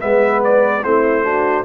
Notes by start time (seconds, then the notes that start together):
0.00 G#3 B3 B4 E5
0.44 D5
0.83 A3 C4 E4 C5
1.23 D4 F#4